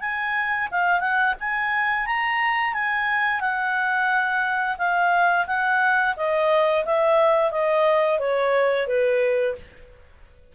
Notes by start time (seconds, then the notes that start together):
0.00 G#5
0.71 F5
1.00 F#5
1.39 G#5
2.06 A#5
2.73 G#5
3.40 F#5
4.78 F5
5.46 F#5
6.16 D#5
6.85 E5
7.51 D#5
8.18 C#5
8.87 B4